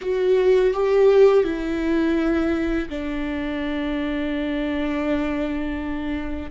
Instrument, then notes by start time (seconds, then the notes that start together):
viola
0.01 F#4
0.73 G4
1.44 E4
2.89 D4